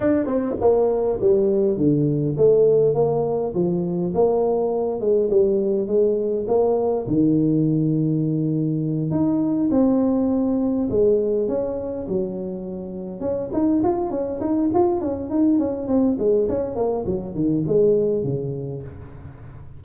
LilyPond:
\new Staff \with { instrumentName = "tuba" } { \time 4/4 \tempo 4 = 102 d'8 c'8 ais4 g4 d4 | a4 ais4 f4 ais4~ | ais8 gis8 g4 gis4 ais4 | dis2.~ dis8 dis'8~ |
dis'8 c'2 gis4 cis'8~ | cis'8 fis2 cis'8 dis'8 f'8 | cis'8 dis'8 f'8 cis'8 dis'8 cis'8 c'8 gis8 | cis'8 ais8 fis8 dis8 gis4 cis4 | }